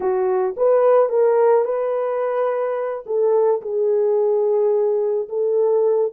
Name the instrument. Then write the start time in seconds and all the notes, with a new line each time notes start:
horn
0.00 F#4
0.56 B4
1.09 A#4
1.65 B4
3.06 A4
3.61 G#4
5.29 A4